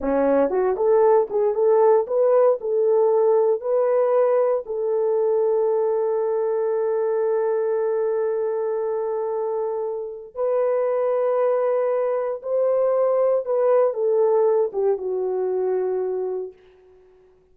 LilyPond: \new Staff \with { instrumentName = "horn" } { \time 4/4 \tempo 4 = 116 cis'4 fis'8 a'4 gis'8 a'4 | b'4 a'2 b'4~ | b'4 a'2.~ | a'1~ |
a'1 | b'1 | c''2 b'4 a'4~ | a'8 g'8 fis'2. | }